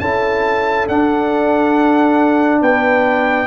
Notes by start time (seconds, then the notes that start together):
0.00 C#4 E4 A4 A5
0.88 D4 F#5
2.62 B3 B4 G5